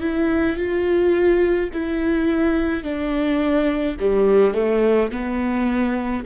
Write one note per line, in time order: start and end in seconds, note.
0.00 0.56 E4
0.56 1.69 F4
1.73 2.84 E4
2.84 3.97 D4
4.00 4.54 G3
4.54 5.10 A3
5.11 6.25 B3